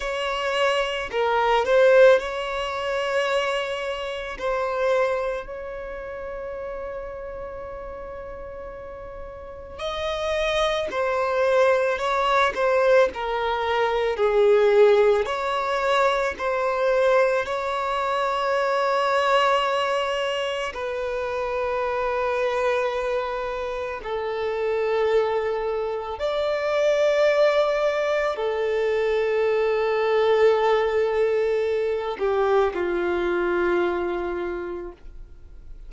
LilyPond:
\new Staff \with { instrumentName = "violin" } { \time 4/4 \tempo 4 = 55 cis''4 ais'8 c''8 cis''2 | c''4 cis''2.~ | cis''4 dis''4 c''4 cis''8 c''8 | ais'4 gis'4 cis''4 c''4 |
cis''2. b'4~ | b'2 a'2 | d''2 a'2~ | a'4. g'8 f'2 | }